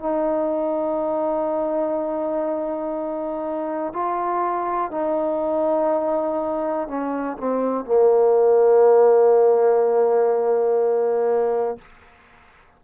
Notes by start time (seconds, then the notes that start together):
0.00 D#4
3.93 F4
4.91 D#4
6.88 C#4
7.38 C4
7.85 A#3